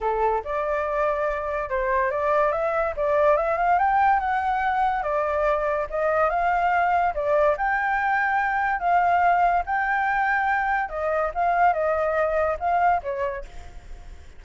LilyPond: \new Staff \with { instrumentName = "flute" } { \time 4/4 \tempo 4 = 143 a'4 d''2. | c''4 d''4 e''4 d''4 | e''8 f''8 g''4 fis''2 | d''2 dis''4 f''4~ |
f''4 d''4 g''2~ | g''4 f''2 g''4~ | g''2 dis''4 f''4 | dis''2 f''4 cis''4 | }